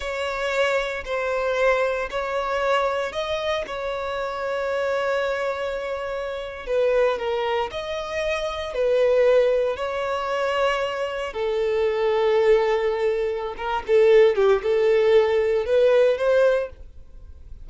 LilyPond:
\new Staff \with { instrumentName = "violin" } { \time 4/4 \tempo 4 = 115 cis''2 c''2 | cis''2 dis''4 cis''4~ | cis''1~ | cis''8. b'4 ais'4 dis''4~ dis''16~ |
dis''8. b'2 cis''4~ cis''16~ | cis''4.~ cis''16 a'2~ a'16~ | a'2 ais'8 a'4 g'8 | a'2 b'4 c''4 | }